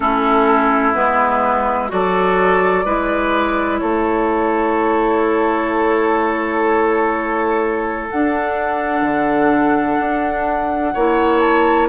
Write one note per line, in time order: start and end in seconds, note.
0.00 0.94 A3
0.00 0.93 C#4
0.00 1.91 E4
0.00 0.93 A4
0.93 1.91 G#3
0.93 1.88 B3
0.93 1.89 B4
1.88 2.85 F#3
1.88 2.83 F#4
1.88 2.85 A4
1.88 3.78 D5
2.85 3.80 G#3
2.85 8.09 E4
2.85 3.80 B4
3.78 8.11 A3
3.78 10.93 A4
3.78 8.07 C#5
8.10 9.02 D4
8.10 10.97 D4
8.10 11.39 F#5
9.02 9.97 D3
9.99 10.94 D4
10.93 11.88 A#3
10.93 11.88 E4
10.93 11.88 C#5
11.39 11.87 A5